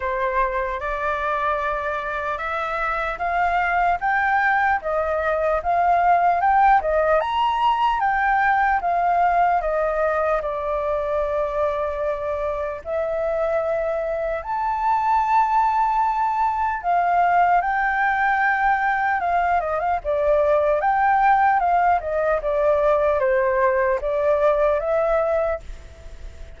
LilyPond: \new Staff \with { instrumentName = "flute" } { \time 4/4 \tempo 4 = 75 c''4 d''2 e''4 | f''4 g''4 dis''4 f''4 | g''8 dis''8 ais''4 g''4 f''4 | dis''4 d''2. |
e''2 a''2~ | a''4 f''4 g''2 | f''8 dis''16 f''16 d''4 g''4 f''8 dis''8 | d''4 c''4 d''4 e''4 | }